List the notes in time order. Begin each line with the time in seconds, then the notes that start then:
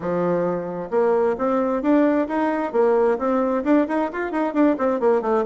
0.00 F3
0.90 A#3
1.38 C4
1.82 D4
2.27 D#4
2.72 A#3
3.18 C4
3.64 D4
3.88 D#4
4.12 F4
4.31 D#4
4.53 D4
4.78 C4
4.99 A#3
5.21 A3